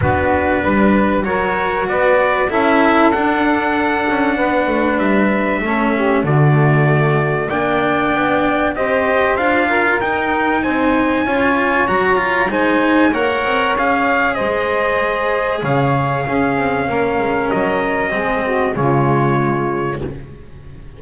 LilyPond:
<<
  \new Staff \with { instrumentName = "trumpet" } { \time 4/4 \tempo 4 = 96 b'2 cis''4 d''4 | e''4 fis''2. | e''2 d''2 | g''2 dis''4 f''4 |
g''4 gis''2 ais''4 | gis''4 fis''4 f''4 dis''4~ | dis''4 f''2. | dis''2 cis''2 | }
  \new Staff \with { instrumentName = "saxophone" } { \time 4/4 fis'4 b'4 ais'4 b'4 | a'2. b'4~ | b'4 a'8 g'8 fis'2 | d''2 c''4. ais'8~ |
ais'4 c''4 cis''2 | c''4 cis''2 c''4~ | c''4 cis''4 gis'4 ais'4~ | ais'4 gis'8 fis'8 f'2 | }
  \new Staff \with { instrumentName = "cello" } { \time 4/4 d'2 fis'2 | e'4 d'2.~ | d'4 cis'4 a2 | d'2 g'4 f'4 |
dis'2 f'4 fis'8 f'8 | dis'4 ais'4 gis'2~ | gis'2 cis'2~ | cis'4 c'4 gis2 | }
  \new Staff \with { instrumentName = "double bass" } { \time 4/4 b4 g4 fis4 b4 | cis'4 d'4. cis'8 b8 a8 | g4 a4 d2 | ais4 b4 c'4 d'4 |
dis'4 c'4 cis'4 fis4 | gis4 ais8 c'8 cis'4 gis4~ | gis4 cis4 cis'8 c'8 ais8 gis8 | fis4 gis4 cis2 | }
>>